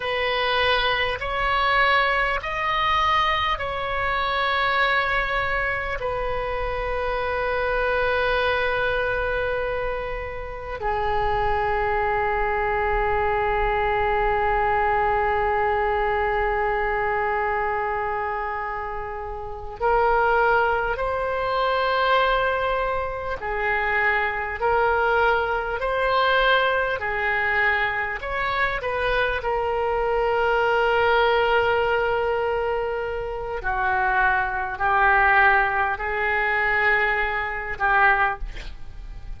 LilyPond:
\new Staff \with { instrumentName = "oboe" } { \time 4/4 \tempo 4 = 50 b'4 cis''4 dis''4 cis''4~ | cis''4 b'2.~ | b'4 gis'2.~ | gis'1~ |
gis'8 ais'4 c''2 gis'8~ | gis'8 ais'4 c''4 gis'4 cis''8 | b'8 ais'2.~ ais'8 | fis'4 g'4 gis'4. g'8 | }